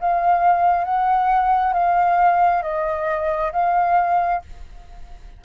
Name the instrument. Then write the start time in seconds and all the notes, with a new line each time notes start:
flute
0.00 F5
0.85 F#5
1.73 F5
2.63 D#5
3.53 F5